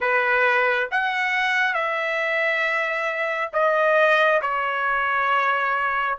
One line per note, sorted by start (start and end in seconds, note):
0.00 0.89 B4
0.91 1.74 F#5
1.74 3.50 E5
3.52 4.40 D#5
4.41 6.18 C#5